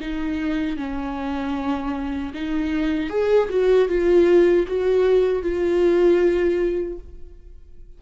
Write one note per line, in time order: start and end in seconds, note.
0.00 0.77 D#4
0.77 2.32 C#4
2.33 3.09 D#4
3.09 3.48 G#4
3.49 3.88 F#4
3.88 4.66 F4
4.67 5.42 F#4
5.42 6.98 F4